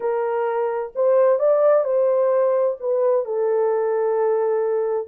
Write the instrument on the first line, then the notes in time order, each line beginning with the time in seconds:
horn
0.00 A#4
0.95 C5
1.39 D5
1.84 C5
2.80 B4
3.25 A4